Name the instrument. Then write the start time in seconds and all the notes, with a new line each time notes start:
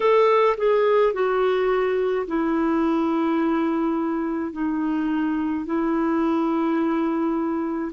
clarinet
0.00 A4
0.57 G#4
1.13 F#4
2.26 E4
4.52 D#4
5.65 E4